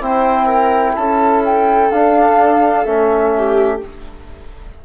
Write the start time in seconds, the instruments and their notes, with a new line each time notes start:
0.00 bassoon C4, trombone E4, viola C5, flute G5
0.45 viola A#4
0.95 bassoon C#4, viola A4, flute A5
1.44 flute G5
1.90 bassoon D4, trombone D4, flute F5
2.84 bassoon A3, trombone C#4, flute E5
3.37 viola G4